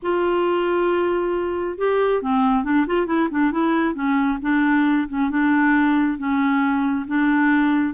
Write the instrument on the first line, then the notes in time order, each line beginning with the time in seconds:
clarinet
0.02 F4
1.77 G4
2.22 C4
2.64 D4
2.87 F4
3.06 E4
3.30 D4
3.51 E4
3.94 C#4
4.41 D4
5.08 C#4
5.30 D4
6.17 C#4
7.07 D4